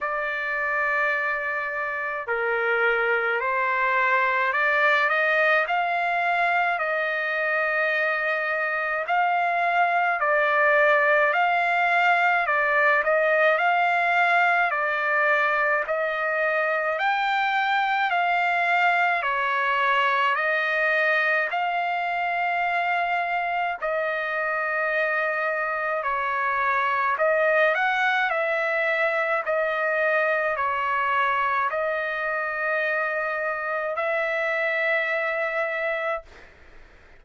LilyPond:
\new Staff \with { instrumentName = "trumpet" } { \time 4/4 \tempo 4 = 53 d''2 ais'4 c''4 | d''8 dis''8 f''4 dis''2 | f''4 d''4 f''4 d''8 dis''8 | f''4 d''4 dis''4 g''4 |
f''4 cis''4 dis''4 f''4~ | f''4 dis''2 cis''4 | dis''8 fis''8 e''4 dis''4 cis''4 | dis''2 e''2 | }